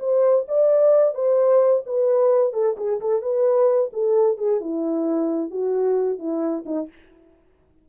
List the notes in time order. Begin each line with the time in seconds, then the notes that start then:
0.00 C5
0.48 D5
1.15 C5
1.86 B4
2.53 A4
2.77 G#4
3.01 A4
3.22 B4
3.93 A4
4.38 G#4
4.61 E4
5.51 F#4
6.19 E4
6.66 D#4